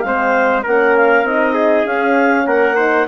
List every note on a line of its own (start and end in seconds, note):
0.00 0.65 G#3
0.00 0.64 C4
0.00 0.61 F5
0.06 0.63 C5
0.63 1.23 A#3
0.63 1.25 C#4
0.63 1.54 A#4
0.63 0.96 F#5
0.96 1.26 F5
1.23 1.84 C4
1.23 1.86 D#4
1.23 1.86 D#5
1.54 2.44 G#4
1.85 2.46 C#4
1.85 2.76 C#4
1.85 2.47 F5
2.46 3.06 A#3
2.46 2.76 A#4
2.46 3.07 F#5
2.76 3.07 D#4
2.76 3.06 C5